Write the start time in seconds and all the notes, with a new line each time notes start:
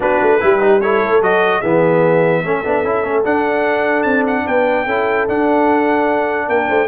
0.00 B3 D4 F#4 B4
0.21 A3
0.40 G3 E4 G4
0.60 D#4
0.80 E4 A4 C#5
1.03 A3
1.21 F#3 F#4 D#5
1.59 E3 B3 G#4 E5
2.41 A3 C#4 A4
2.65 B3 D4
2.84 C#4 E4
3.03 A3 C#4
3.24 D4 F#5
4.02 C4 A5
4.26 F#5
4.45 B3 B4 G5
4.85 C#4 E4 A4
5.28 D4 F#5
6.47 A#3 A#4 G5
6.68 A3 C5